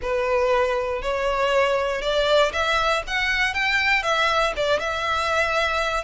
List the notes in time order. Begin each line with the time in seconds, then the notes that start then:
0.01 B4
1.02 C#5
2.01 D5
2.52 E5
3.07 F#5
3.54 G5
4.02 E5
4.56 D5
4.79 E5